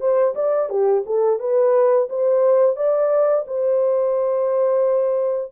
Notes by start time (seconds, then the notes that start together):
0.00 C5
0.35 D5
0.69 G4
1.05 A4
1.39 B4
2.09 C5
2.76 D5
3.47 C5